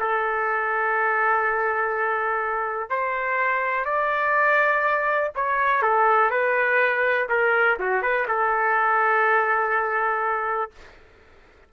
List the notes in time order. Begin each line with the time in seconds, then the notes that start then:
0.00 A4
2.90 C5
3.85 D5
5.36 C#5
5.83 A4
6.31 B4
7.29 A#4
7.80 F#4
8.03 B4
8.28 A4